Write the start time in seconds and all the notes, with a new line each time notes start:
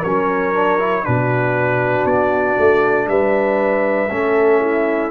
0.00 F#3 C#4 A#4 C#5
0.54 D4
0.79 E4
1.04 B2 D4 F#4 B4
2.04 B3 D5
2.59 A3
3.07 G3 B4 E5
4.10 A3 C#4 A4
4.60 E4